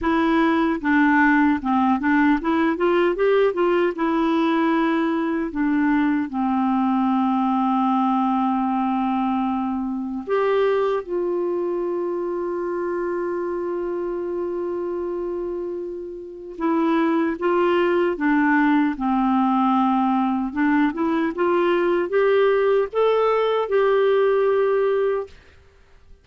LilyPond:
\new Staff \with { instrumentName = "clarinet" } { \time 4/4 \tempo 4 = 76 e'4 d'4 c'8 d'8 e'8 f'8 | g'8 f'8 e'2 d'4 | c'1~ | c'4 g'4 f'2~ |
f'1~ | f'4 e'4 f'4 d'4 | c'2 d'8 e'8 f'4 | g'4 a'4 g'2 | }